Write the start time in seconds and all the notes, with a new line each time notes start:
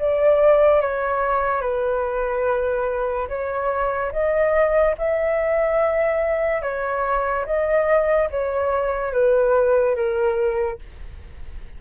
0.00 D5
0.82 C#5
1.62 B4
3.29 C#5
4.12 D#5
4.98 E5
6.62 C#5
7.46 D#5
8.31 C#5
9.13 B4
9.96 A#4